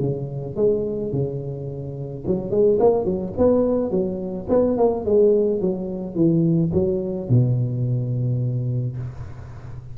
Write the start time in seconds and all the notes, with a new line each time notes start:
0.00 C#3
0.56 G#3
1.12 C#3
2.27 F#3
2.51 G#3
2.79 A#3
3.05 F#3
3.37 B3
3.90 F#3
4.49 B3
4.77 A#3
5.05 G#3
5.61 F#3
6.15 E3
6.73 F#3
7.29 B2